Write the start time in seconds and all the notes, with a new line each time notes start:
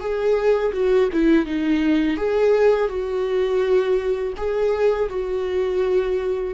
0.00 G#4
0.73 F#4
1.12 E4
1.46 D#4
2.17 G#4
2.88 F#4
4.37 G#4
5.09 F#4